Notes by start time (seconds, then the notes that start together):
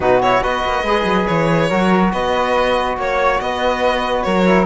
0.00 B2 D#4 F#4 B4
0.22 E4 C#5
0.42 B3 F#4 B4 D#5
0.64 A#3
0.83 G#3 G#4
1.04 F#3
1.27 E3 C#5
1.69 F#3 F#4 A#4
2.12 B3 B4 D#5
2.97 A#3 C#5
3.40 B3 B4 D#5
4.22 F#3 A#4 C#5
4.46 E4